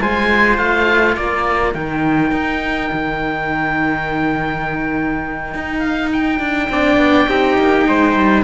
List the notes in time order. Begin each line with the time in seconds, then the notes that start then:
0.00 G#3 F4 C5 G#5
0.57 A3 F5
1.15 A#3 A#4 D5
1.74 D#3 D#4 G5
2.31 D#4
2.92 D#3
5.54 D#4
5.79 F5
6.12 G5
6.39 D4
6.69 C4 D4 D5
6.97 B3
7.28 C4 D#4 G4
7.58 A#3
7.88 G#3 C5
8.16 G3